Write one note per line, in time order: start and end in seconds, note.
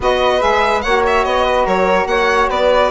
0.00 0.41 B3
0.00 0.39 F#4
0.00 0.83 B4
0.00 0.42 D#5
0.39 0.84 G#3
0.39 0.81 G#4
0.39 0.81 E5
0.81 1.25 A#3
0.81 2.90 F#4
0.81 1.44 C#5
0.81 1.02 F#5
1.06 1.24 E5
1.24 1.66 B3
1.24 1.66 D#5
1.44 1.65 B4
1.65 2.06 F#3
1.65 2.07 A#4
1.65 2.07 C#5
2.06 2.47 A#3
2.06 2.49 C#5
2.06 2.49 F#5
2.49 2.90 B3
2.49 2.90 B4
2.49 2.90 D5